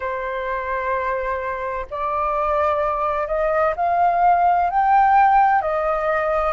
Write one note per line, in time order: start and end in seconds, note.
0.00 1.86 C5
1.90 3.27 D5
3.27 3.74 D#5
3.76 4.70 F5
4.70 5.61 G5
5.61 6.53 D#5